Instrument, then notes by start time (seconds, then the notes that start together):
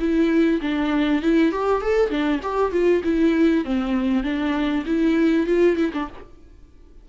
viola
0.00 E4
0.61 D4
1.22 E4
1.52 G4
1.82 A4
2.10 D4
2.43 G4
2.72 F4
3.04 E4
3.65 C4
4.23 D4
4.86 E4
5.47 F4
5.77 E4
5.94 D4